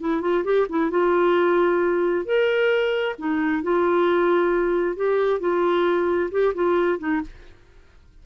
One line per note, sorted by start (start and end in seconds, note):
0.00 0.21 E4
0.21 0.43 F4
0.44 0.66 G4
0.69 0.90 E4
0.90 2.25 F4
2.25 3.15 A#4
3.18 3.63 D#4
3.63 4.96 F4
4.96 5.40 G4
5.40 6.30 F4
6.31 6.53 G4
6.54 6.98 F4
6.98 7.21 D#4